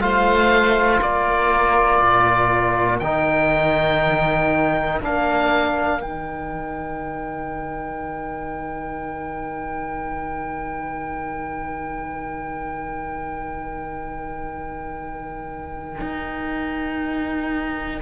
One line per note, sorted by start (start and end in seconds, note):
0.00 1.00 A3
0.00 3.00 F4
0.00 1.02 C5
0.00 1.00 F5
1.01 2.01 A#3
1.01 18.02 A#4
1.01 2.99 D5
2.01 3.00 A#2
2.99 5.00 D#3
2.99 5.01 D#4
2.99 4.99 G5
5.01 6.01 A#3
5.01 6.00 D4
5.01 6.01 F5
6.00 16.01 D#3
6.00 18.00 D#4
6.00 18.01 G5
16.01 18.01 D#4